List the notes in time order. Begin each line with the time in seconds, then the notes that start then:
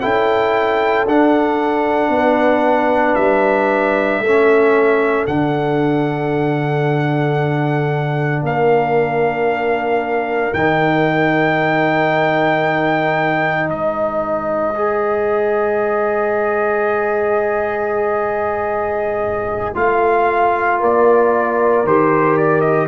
0.00 C#4 E4 A4 G5
1.05 D4 F#5
2.09 B3 B4
3.15 G3 E5
4.19 A3 C#4 A4
5.27 D3 D4 F#5
8.42 A#3 A#4 F5
10.53 D#3 D#4 G5
13.68 G#3 C5 D#5
14.75 G#4
19.74 A3 F4 F5
20.79 A#3 A#4 D5
21.84 D#3 G4 C5
22.37 D5
22.61 D#5